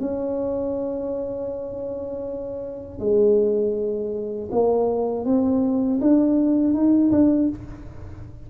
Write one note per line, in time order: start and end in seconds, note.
0.00 2.99 C#4
2.99 4.49 G#3
4.51 5.25 A#3
5.25 6.00 C4
6.01 6.74 D4
6.74 7.11 D#4
7.11 7.49 D4